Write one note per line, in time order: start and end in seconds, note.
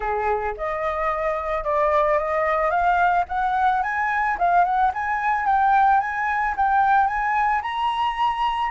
0.00 0.54 G#4
0.57 1.64 D#5
1.64 2.18 D5
2.18 2.70 D#5
2.70 3.25 F5
3.28 3.82 F#5
3.82 4.37 G#5
4.38 4.64 F5
4.64 4.91 F#5
4.94 5.45 G#5
5.45 6.00 G5
6.00 6.55 G#5
6.57 7.07 G5
7.07 7.61 G#5
7.62 8.70 A#5